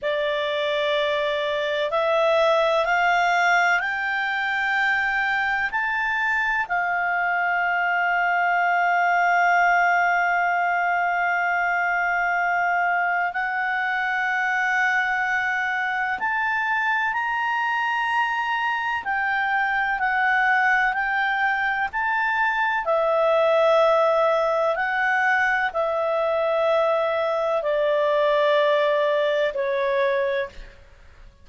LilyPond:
\new Staff \with { instrumentName = "clarinet" } { \time 4/4 \tempo 4 = 63 d''2 e''4 f''4 | g''2 a''4 f''4~ | f''1~ | f''2 fis''2~ |
fis''4 a''4 ais''2 | g''4 fis''4 g''4 a''4 | e''2 fis''4 e''4~ | e''4 d''2 cis''4 | }